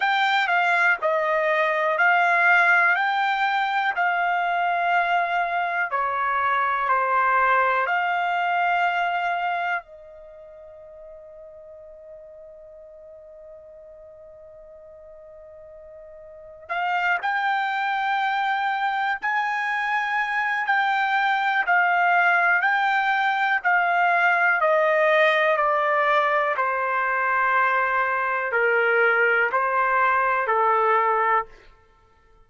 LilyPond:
\new Staff \with { instrumentName = "trumpet" } { \time 4/4 \tempo 4 = 61 g''8 f''8 dis''4 f''4 g''4 | f''2 cis''4 c''4 | f''2 dis''2~ | dis''1~ |
dis''4 f''8 g''2 gis''8~ | gis''4 g''4 f''4 g''4 | f''4 dis''4 d''4 c''4~ | c''4 ais'4 c''4 a'4 | }